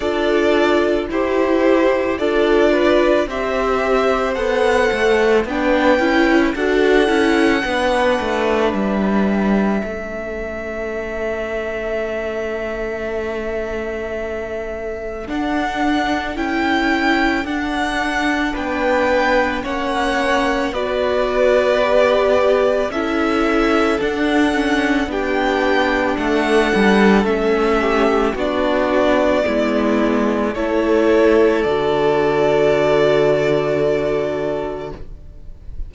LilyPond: <<
  \new Staff \with { instrumentName = "violin" } { \time 4/4 \tempo 4 = 55 d''4 c''4 d''4 e''4 | fis''4 g''4 fis''2 | e''1~ | e''2 fis''4 g''4 |
fis''4 g''4 fis''4 d''4~ | d''4 e''4 fis''4 g''4 | fis''4 e''4 d''2 | cis''4 d''2. | }
  \new Staff \with { instrumentName = "violin" } { \time 4/4 a'4 g'4 a'8 b'8 c''4~ | c''4 b'4 a'4 b'4~ | b'4 a'2.~ | a'1~ |
a'4 b'4 cis''4 b'4~ | b'4 a'2 g'4 | a'4. g'8 fis'4 e'4 | a'1 | }
  \new Staff \with { instrumentName = "viola" } { \time 4/4 f'4 e'4 f'4 g'4 | a'4 d'8 e'8 fis'8 e'8 d'4~ | d'4 cis'2.~ | cis'2 d'4 e'4 |
d'2 cis'4 fis'4 | g'4 e'4 d'8 cis'8 d'4~ | d'4 cis'4 d'4 b4 | e'4 fis'2. | }
  \new Staff \with { instrumentName = "cello" } { \time 4/4 d'4 e'4 d'4 c'4 | b8 a8 b8 cis'8 d'8 cis'8 b8 a8 | g4 a2.~ | a2 d'4 cis'4 |
d'4 b4 ais4 b4~ | b4 cis'4 d'4 b4 | a8 g8 a4 b4 gis4 | a4 d2. | }
>>